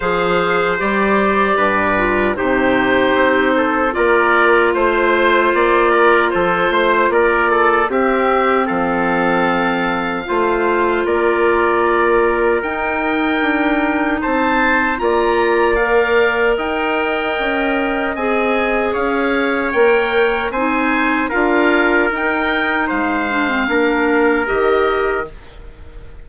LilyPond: <<
  \new Staff \with { instrumentName = "oboe" } { \time 4/4 \tempo 4 = 76 f''4 d''2 c''4~ | c''4 d''4 c''4 d''4 | c''4 d''4 e''4 f''4~ | f''2 d''2 |
g''2 a''4 ais''4 | f''4 g''2 gis''4 | f''4 g''4 gis''4 f''4 | g''4 f''2 dis''4 | }
  \new Staff \with { instrumentName = "trumpet" } { \time 4/4 c''2 b'4 g'4~ | g'8 a'8 ais'4 c''4. ais'8 | a'8 c''8 ais'8 a'8 g'4 a'4~ | a'4 c''4 ais'2~ |
ais'2 c''4 d''4~ | d''4 dis''2. | cis''2 c''4 ais'4~ | ais'4 c''4 ais'2 | }
  \new Staff \with { instrumentName = "clarinet" } { \time 4/4 gis'4 g'4. f'8 dis'4~ | dis'4 f'2.~ | f'2 c'2~ | c'4 f'2. |
dis'2. f'4 | ais'2. gis'4~ | gis'4 ais'4 dis'4 f'4 | dis'4. d'16 c'16 d'4 g'4 | }
  \new Staff \with { instrumentName = "bassoon" } { \time 4/4 f4 g4 g,4 c4 | c'4 ais4 a4 ais4 | f8 a8 ais4 c'4 f4~ | f4 a4 ais2 |
dis'4 d'4 c'4 ais4~ | ais4 dis'4 cis'4 c'4 | cis'4 ais4 c'4 d'4 | dis'4 gis4 ais4 dis4 | }
>>